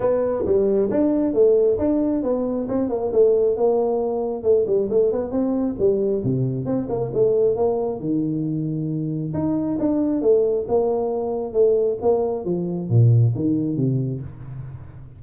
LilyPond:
\new Staff \with { instrumentName = "tuba" } { \time 4/4 \tempo 4 = 135 b4 g4 d'4 a4 | d'4 b4 c'8 ais8 a4 | ais2 a8 g8 a8 b8 | c'4 g4 c4 c'8 ais8 |
a4 ais4 dis2~ | dis4 dis'4 d'4 a4 | ais2 a4 ais4 | f4 ais,4 dis4 c4 | }